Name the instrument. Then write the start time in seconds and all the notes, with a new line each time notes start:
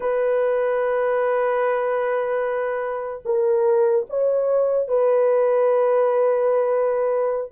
horn
0.00 B4
3.25 A#4
4.09 C#5
4.88 B4